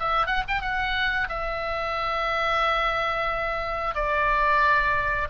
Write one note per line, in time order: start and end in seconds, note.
0.00 0.27 E5
0.27 0.43 F#5
0.48 0.62 G5
0.62 1.28 F#5
1.29 3.95 E5
3.95 5.28 D5